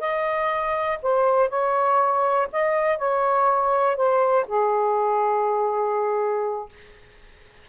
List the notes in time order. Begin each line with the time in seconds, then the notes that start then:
0.00 D#5
1.03 C5
1.49 C#5
2.52 D#5
2.98 C#5
3.96 C5
4.48 G#4